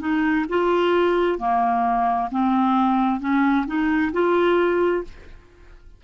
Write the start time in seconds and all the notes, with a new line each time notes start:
0.00 D#4
0.49 F4
1.39 A#3
2.31 C4
3.20 C#4
3.67 D#4
4.13 F4